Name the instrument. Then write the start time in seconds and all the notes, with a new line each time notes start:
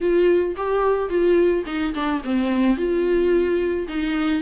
viola
0.00 F4
0.56 G4
1.09 F4
1.66 D#4
1.94 D4
2.24 C4
2.77 F4
3.88 D#4